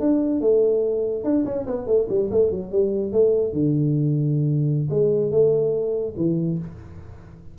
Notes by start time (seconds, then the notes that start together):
0.00 D4
0.41 A3
1.24 D4
1.45 C#4
1.67 B3
1.87 A3
2.09 G3
2.31 A3
2.51 F#3
2.72 G3
3.13 A3
3.53 D3
4.90 G#3
5.31 A3
6.17 E3